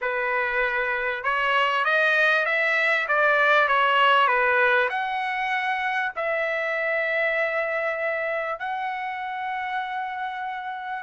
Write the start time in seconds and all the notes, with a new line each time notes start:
0.01 B4
1.23 C#5
1.85 D#5
2.45 E5
3.08 D5
3.67 C#5
4.27 B4
4.89 F#5
6.16 E5
8.59 F#5